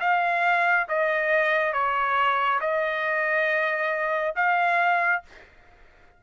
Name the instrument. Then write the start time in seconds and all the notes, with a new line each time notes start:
trumpet
0.00 F5
0.89 D#5
1.73 C#5
2.60 D#5
4.36 F5